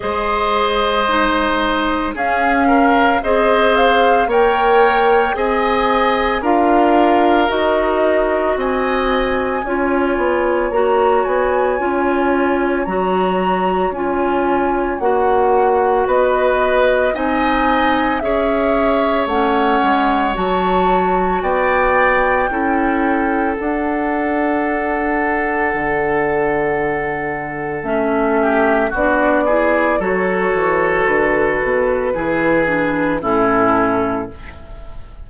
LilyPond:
<<
  \new Staff \with { instrumentName = "flute" } { \time 4/4 \tempo 4 = 56 dis''2 f''4 dis''8 f''8 | g''4 gis''4 f''4 dis''4 | gis''2 ais''8 gis''4. | ais''4 gis''4 fis''4 dis''4 |
gis''4 e''4 fis''4 a''4 | g''2 fis''2~ | fis''2 e''4 d''4 | cis''4 b'2 a'4 | }
  \new Staff \with { instrumentName = "oboe" } { \time 4/4 c''2 gis'8 ais'8 c''4 | cis''4 dis''4 ais'2 | dis''4 cis''2.~ | cis''2. b'4 |
dis''4 cis''2. | d''4 a'2.~ | a'2~ a'8 g'8 fis'8 gis'8 | a'2 gis'4 e'4 | }
  \new Staff \with { instrumentName = "clarinet" } { \time 4/4 gis'4 dis'4 cis'4 gis'4 | ais'4 gis'4 f'4 fis'4~ | fis'4 f'4 fis'4 f'4 | fis'4 f'4 fis'2 |
dis'4 gis'4 cis'4 fis'4~ | fis'4 e'4 d'2~ | d'2 cis'4 d'8 e'8 | fis'2 e'8 d'8 cis'4 | }
  \new Staff \with { instrumentName = "bassoon" } { \time 4/4 gis2 cis'4 c'4 | ais4 c'4 d'4 dis'4 | c'4 cis'8 b8 ais8 b8 cis'4 | fis4 cis'4 ais4 b4 |
c'4 cis'4 a8 gis8 fis4 | b4 cis'4 d'2 | d2 a4 b4 | fis8 e8 d8 b,8 e4 a,4 | }
>>